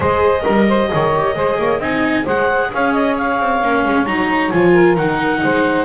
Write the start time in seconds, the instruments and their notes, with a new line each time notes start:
0.00 double bass G#3, viola G#4, saxophone C5, clarinet D#5
0.41 double bass G3, viola A#4, saxophone A#4
0.68 saxophone C5
0.90 double bass D#3, viola G#4, saxophone C#5
1.15 viola G4
1.35 double bass G#3, viola G#4, saxophone C5
1.58 double bass A#3, saxophone C#5
1.79 double bass C4, viola D#4, saxophone D#5, clarinet G#5
2.24 double bass G#3, viola G#4, saxophone C5, clarinet F#5
2.73 double bass C#4, saxophone C#5, clarinet F5
2.92 clarinet D#5
3.17 clarinet F5
3.39 double bass C4
3.61 double bass A#3, viola C#4
3.85 double bass G#3
4.05 double bass F#3, viola D#4, clarinet A#5
4.50 double bass F3, viola F4, clarinet G#5
4.71 saxophone A#4
4.96 double bass D#3, viola D#4, clarinet F#5
5.43 double bass G#3, saxophone C5